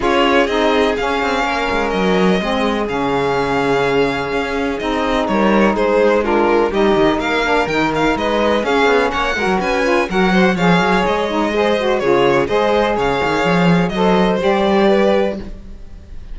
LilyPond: <<
  \new Staff \with { instrumentName = "violin" } { \time 4/4 \tempo 4 = 125 cis''4 dis''4 f''2 | dis''2 f''2~ | f''2 dis''4 cis''4 | c''4 ais'4 dis''4 f''4 |
g''8 f''8 dis''4 f''4 fis''4 | gis''4 fis''4 f''4 dis''4~ | dis''4 cis''4 dis''4 f''4~ | f''4 dis''4 d''2 | }
  \new Staff \with { instrumentName = "violin" } { \time 4/4 gis'2. ais'4~ | ais'4 gis'2.~ | gis'2. ais'4 | gis'4 f'4 g'4 ais'4~ |
ais'4 b'4 gis'4 cis''8 ais'8 | b'4 ais'8 c''8 cis''2 | c''4 gis'4 c''4 cis''4~ | cis''4 c''2 b'4 | }
  \new Staff \with { instrumentName = "saxophone" } { \time 4/4 f'4 dis'4 cis'2~ | cis'4 c'4 cis'2~ | cis'2 dis'2~ | dis'4 d'4 dis'4. d'8 |
dis'2 cis'4. fis'8~ | fis'8 f'8 fis'4 gis'4. dis'8 | gis'8 fis'8 f'4 gis'2~ | gis'4 a'4 g'2 | }
  \new Staff \with { instrumentName = "cello" } { \time 4/4 cis'4 c'4 cis'8 c'8 ais8 gis8 | fis4 gis4 cis2~ | cis4 cis'4 c'4 g4 | gis2 g8 dis8 ais4 |
dis4 gis4 cis'8 b8 ais8 gis16 fis16 | cis'4 fis4 f8 fis8 gis4~ | gis4 cis4 gis4 cis8 dis8 | f4 fis4 g2 | }
>>